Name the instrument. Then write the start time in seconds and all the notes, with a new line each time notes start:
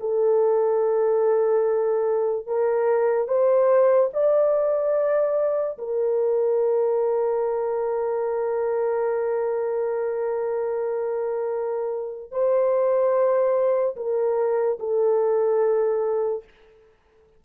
horn
0.00 A4
2.46 A#4
3.28 C5
4.14 D5
5.78 A#4
12.31 C5
13.96 A#4
14.79 A4